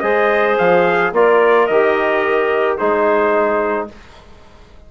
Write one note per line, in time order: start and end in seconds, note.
0.00 0.58 G#3
0.00 1.13 G#4
0.00 1.12 C5
0.00 0.55 D#5
0.58 1.12 F3
0.58 1.13 F5
1.12 1.67 A#3
1.12 1.69 F4
1.12 2.77 A#4
1.12 1.67 D5
1.67 2.79 D#3
1.67 2.79 G4
1.67 2.77 D#5
2.77 3.91 G#3
2.77 3.89 D#4
2.77 3.87 G#4
2.77 3.88 C5